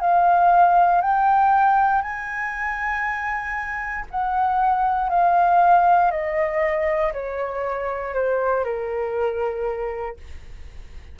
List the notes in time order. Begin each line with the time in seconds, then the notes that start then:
0.00 F5
1.01 G5
2.02 G#5
4.10 F#5
5.09 F5
6.11 D#5
7.13 C#5
8.14 C5
8.64 A#4